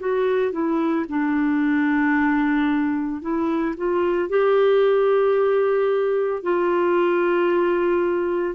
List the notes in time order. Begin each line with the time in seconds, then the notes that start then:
0.00 F#4
0.53 E4
1.09 D4
3.22 E4
3.77 F4
4.30 G4
6.43 F4